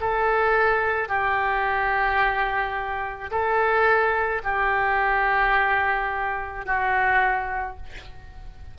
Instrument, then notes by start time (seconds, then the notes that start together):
oboe
0.00 A4
1.08 G4
3.31 A4
4.43 G4
6.66 F#4